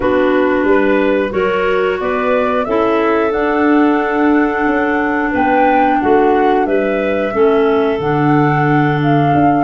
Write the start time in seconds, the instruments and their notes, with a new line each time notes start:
0.00 tuba B3, clarinet D4 F#4, flute B4
0.63 tuba G3, clarinet B4
1.29 tuba F#3, clarinet F#4 A#4, flute C#5
2.00 tuba B3, clarinet B4, flute D5
2.64 tuba C#4, clarinet E4 A4, flute E5
3.30 clarinet D4, tuba D4, flute F#5
4.66 tuba C#4
5.31 tuba B3, clarinet B4, flute G5
6.01 tuba A3, clarinet F#4, flute F#5
6.66 tuba G3, clarinet B4, flute E5
7.32 tuba A3, clarinet C#4 A4
7.99 tuba D3, clarinet D4, flute F#5
9.02 flute F5
9.34 tuba D4